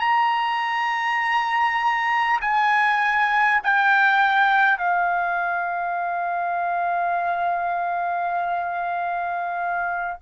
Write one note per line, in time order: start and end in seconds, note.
0.00 2.40 A#5
2.41 3.61 G#5
3.64 4.78 G5
4.78 10.18 F5